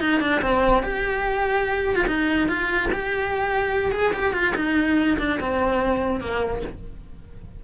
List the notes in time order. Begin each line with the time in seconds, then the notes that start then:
0.00 D#4
0.21 D4
0.42 C4
0.83 G4
1.95 F4
2.07 D#4
2.48 F4
2.92 G4
3.92 G#4
4.13 G4
4.33 F4
4.56 D#4
5.19 D4
5.40 C4
6.21 A#3